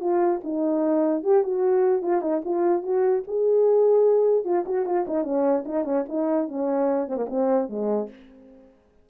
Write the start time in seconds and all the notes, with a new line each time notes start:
0.00 F4
0.44 D#4
1.23 G4
1.43 F#4
2.02 F4
2.21 D#4
2.44 F4
2.82 F#4
3.27 G#4
4.44 F4
4.65 F#4
4.86 F4
5.07 D#4
5.24 C#4
5.65 D#4
5.84 C#4
6.08 D#4
6.48 C#4
7.08 C4
7.16 A#3
7.29 C4
7.69 G#3